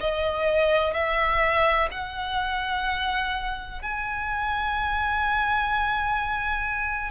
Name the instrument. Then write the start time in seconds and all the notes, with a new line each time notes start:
violin
0.00 D#5
0.94 E5
1.91 F#5
3.82 G#5